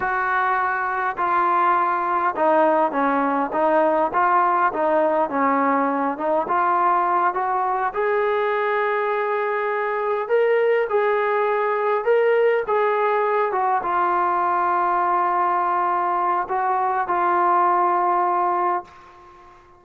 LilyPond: \new Staff \with { instrumentName = "trombone" } { \time 4/4 \tempo 4 = 102 fis'2 f'2 | dis'4 cis'4 dis'4 f'4 | dis'4 cis'4. dis'8 f'4~ | f'8 fis'4 gis'2~ gis'8~ |
gis'4. ais'4 gis'4.~ | gis'8 ais'4 gis'4. fis'8 f'8~ | f'1 | fis'4 f'2. | }